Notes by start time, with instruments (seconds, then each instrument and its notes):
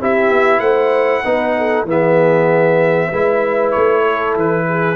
0.00 tuba C4, trombone E4, horn G4, trumpet E5
0.30 tuba B3
0.60 tuba A3, horn C5, trumpet F#5
1.24 tuba B3, trombone D#4, horn B4
1.58 horn A4
1.85 tuba E3, trombone B3, horn G#4, trumpet E5
3.09 tuba G#3, trombone E4, horn B4
3.72 tuba A3, trumpet C#5
4.03 horn A4
4.36 tuba E3, trumpet B4
4.68 horn G#4